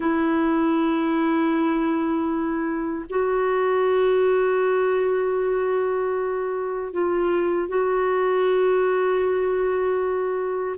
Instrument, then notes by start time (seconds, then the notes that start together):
clarinet
0.00 E4
3.09 F#4
6.92 F4
7.68 F#4